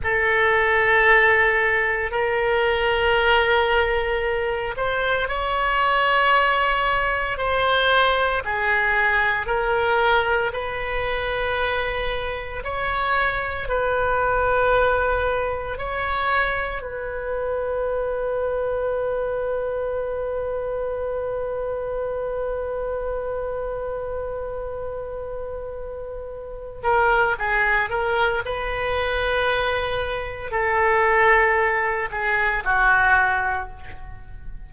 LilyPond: \new Staff \with { instrumentName = "oboe" } { \time 4/4 \tempo 4 = 57 a'2 ais'2~ | ais'8 c''8 cis''2 c''4 | gis'4 ais'4 b'2 | cis''4 b'2 cis''4 |
b'1~ | b'1~ | b'4. ais'8 gis'8 ais'8 b'4~ | b'4 a'4. gis'8 fis'4 | }